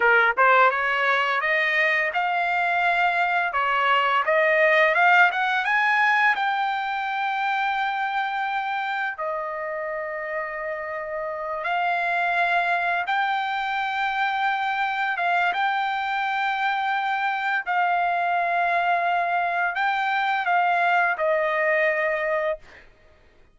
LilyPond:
\new Staff \with { instrumentName = "trumpet" } { \time 4/4 \tempo 4 = 85 ais'8 c''8 cis''4 dis''4 f''4~ | f''4 cis''4 dis''4 f''8 fis''8 | gis''4 g''2.~ | g''4 dis''2.~ |
dis''8 f''2 g''4.~ | g''4. f''8 g''2~ | g''4 f''2. | g''4 f''4 dis''2 | }